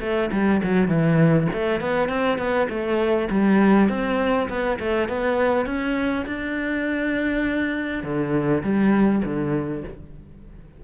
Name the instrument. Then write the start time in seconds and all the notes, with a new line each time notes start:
cello
0.00 A3
0.32 G3
0.63 F#3
0.88 E3
1.53 A3
1.80 B3
2.08 C4
2.38 B3
2.69 A3
3.30 G3
3.89 C4
4.49 B3
4.79 A3
5.08 B3
5.66 C#4
6.26 D4
8.03 D3
8.62 G3
9.24 D3